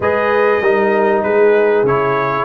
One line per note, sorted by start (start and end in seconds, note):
0.00 0.59 G#3
0.00 0.63 G#4
0.00 0.61 B4
0.00 1.22 D#5
0.61 1.23 G3
0.61 1.86 D#4
0.61 1.23 A#4
1.22 1.83 G#3
1.22 2.45 G#4
1.22 1.84 B4
1.83 2.44 C#3
1.83 2.45 E4
1.83 2.45 C#5